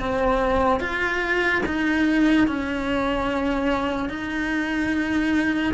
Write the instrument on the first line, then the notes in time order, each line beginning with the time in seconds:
cello
0.00 C4
0.80 F4
1.66 D#4
2.48 C#4
4.09 D#4